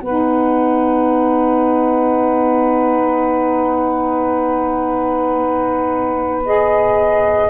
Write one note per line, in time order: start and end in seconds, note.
0.00 7.50 B3
0.00 7.50 B4
0.00 6.43 F#5
0.06 6.46 D#4
6.46 7.50 G#4
6.46 7.50 D#5